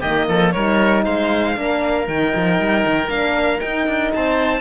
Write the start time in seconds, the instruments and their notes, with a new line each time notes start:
0.00 cello D#3, horn A#3, oboe G4, violin D#5
0.28 cello F3, oboe A4
0.51 cello G3, horn D#4, oboe A#4, violin C#5
1.05 cello G#3, oboe C5, violin F5
1.55 cello A#3, horn D4, oboe A#4
2.07 cello D#3, horn D#4, violin G5
2.35 cello F3
2.59 cello G3
2.85 cello D#3
3.08 cello A#3, horn D4, violin F5
3.59 horn D#4, cello D#4, violin G5
3.87 cello D4
4.14 cello C4, oboe C5, violin A5